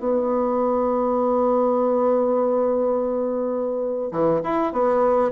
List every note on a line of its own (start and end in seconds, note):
0.00 4.12 B3
4.12 4.41 E3
4.44 4.73 E4
4.73 5.32 B3